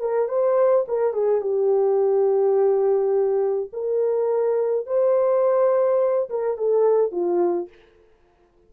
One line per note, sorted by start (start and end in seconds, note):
0.00 0.28 A#4
0.28 0.85 C5
0.88 1.13 A#4
1.13 1.41 G#4
1.41 3.70 G4
3.72 4.86 A#4
4.86 6.29 C5
6.29 6.57 A#4
6.57 7.11 A4
7.11 7.69 F4